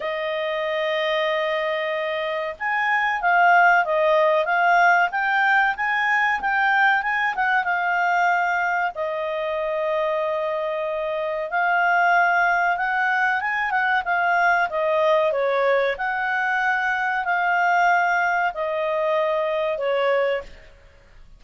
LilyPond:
\new Staff \with { instrumentName = "clarinet" } { \time 4/4 \tempo 4 = 94 dis''1 | gis''4 f''4 dis''4 f''4 | g''4 gis''4 g''4 gis''8 fis''8 | f''2 dis''2~ |
dis''2 f''2 | fis''4 gis''8 fis''8 f''4 dis''4 | cis''4 fis''2 f''4~ | f''4 dis''2 cis''4 | }